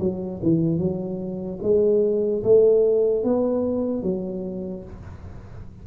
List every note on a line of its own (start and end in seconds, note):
0.00 0.41 F#3
0.43 0.79 E3
0.79 1.60 F#3
1.63 2.44 G#3
2.44 3.24 A3
3.24 4.03 B3
4.03 4.84 F#3